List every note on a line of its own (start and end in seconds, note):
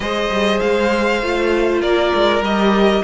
0.00 0.29 G#3
0.00 1.19 G#4
0.00 1.81 C5
0.00 0.59 D#5
0.30 0.60 G3
0.59 1.21 G#3
0.59 1.80 F5
1.21 1.81 A3
1.21 2.43 F4
1.81 2.12 A#3
1.81 3.03 A#4
1.81 2.42 D5
2.14 2.41 G#3
2.41 3.01 G3
2.41 3.03 G4
2.41 3.03 D#5